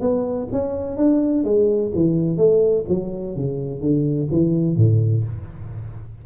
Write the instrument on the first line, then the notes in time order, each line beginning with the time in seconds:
tuba
0.00 B3
0.52 C#4
0.97 D4
1.44 G#3
1.95 E3
2.37 A3
2.88 F#3
3.36 C#3
3.81 D3
4.31 E3
4.76 A2